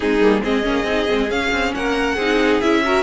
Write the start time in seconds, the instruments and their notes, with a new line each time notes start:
0.00 cello G#3, viola C4, violin D#4 G#4
0.20 cello G3, viola A#3
0.43 cello G#3, viola C4, violin G#4 D#5
0.62 cello A#3, viola C#4
0.84 cello C4, viola D#4
1.08 cello G#3, viola C4
1.30 cello C#4, viola C#4, violin F5
1.51 cello C4
1.74 cello A#3, violin A#4 F#5
2.15 cello C4, viola D#4, violin G#4
2.61 cello C#4, viola E4, violin E5
2.83 viola F#4, violin A#4